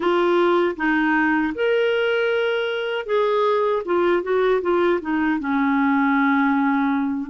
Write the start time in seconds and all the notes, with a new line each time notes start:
0.00 F4
0.76 D#4
1.55 A#4
3.06 G#4
3.85 F4
4.22 F#4
4.61 F4
5.01 D#4
5.39 C#4